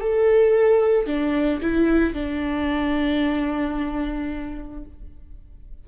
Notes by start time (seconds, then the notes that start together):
0.00 A4
1.06 D4
1.61 E4
2.13 D4